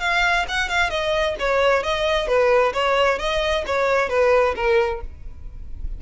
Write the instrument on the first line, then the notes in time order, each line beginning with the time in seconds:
violin
0.00 F5
0.48 F#5
0.69 F5
0.90 D#5
1.39 C#5
1.83 D#5
2.27 B4
2.73 C#5
3.19 D#5
3.67 C#5
4.09 B4
4.55 A#4